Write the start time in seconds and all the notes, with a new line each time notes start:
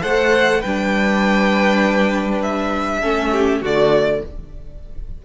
0.00 A3 A4 C5 F#5
0.61 G3 D4 B4 G5
2.42 E5
2.99 A3 C#4 A4
3.31 G4
3.61 D3 A3 F#4 D5